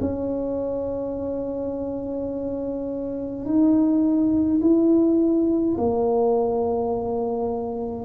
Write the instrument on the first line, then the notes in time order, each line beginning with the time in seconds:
tuba
0.00 C#4
3.45 D#4
4.61 E4
5.77 A#3